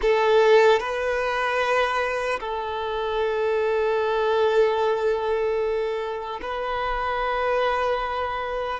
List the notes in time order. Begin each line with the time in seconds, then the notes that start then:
0.01 A4
0.79 B4
2.40 A4
6.42 B4